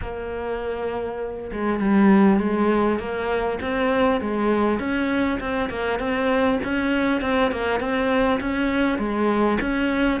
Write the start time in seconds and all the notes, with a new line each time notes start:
0.01 A#3
1.52 G#3
1.79 G3
2.39 G#3
2.99 A#3
3.61 C4
4.21 G#3
4.79 C#4
5.40 C4
5.69 A#3
5.99 C4
6.64 C#4
7.21 C4
7.51 A#3
7.80 C4
8.40 C#4
8.98 G#3
9.60 C#4